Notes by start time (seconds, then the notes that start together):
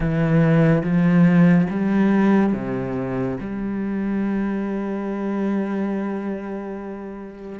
0.00 E3
0.83 F3
1.70 G3
2.53 C3
3.40 G3